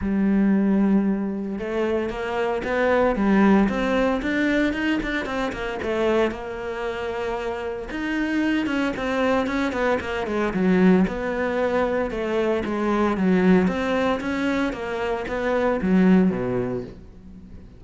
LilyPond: \new Staff \with { instrumentName = "cello" } { \time 4/4 \tempo 4 = 114 g2. a4 | ais4 b4 g4 c'4 | d'4 dis'8 d'8 c'8 ais8 a4 | ais2. dis'4~ |
dis'8 cis'8 c'4 cis'8 b8 ais8 gis8 | fis4 b2 a4 | gis4 fis4 c'4 cis'4 | ais4 b4 fis4 b,4 | }